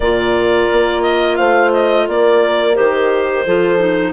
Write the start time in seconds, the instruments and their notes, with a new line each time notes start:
0.00 bassoon A#2, clarinet F4 D5, horn A#4
0.72 bassoon A#3
1.02 clarinet D#5
1.36 bassoon A3, horn C5, clarinet F5
1.73 clarinet D#5
2.08 bassoon A#3, horn A#4, clarinet D5
2.75 bassoon D#3, clarinet G4 C5
3.45 bassoon F3, clarinet F4, horn A4
3.78 clarinet D#4